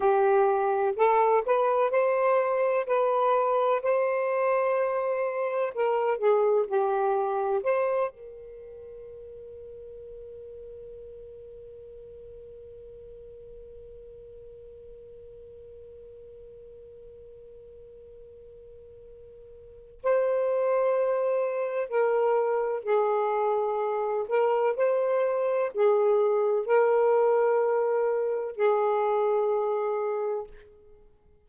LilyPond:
\new Staff \with { instrumentName = "saxophone" } { \time 4/4 \tempo 4 = 63 g'4 a'8 b'8 c''4 b'4 | c''2 ais'8 gis'8 g'4 | c''8 ais'2.~ ais'8~ | ais'1~ |
ais'1~ | ais'4 c''2 ais'4 | gis'4. ais'8 c''4 gis'4 | ais'2 gis'2 | }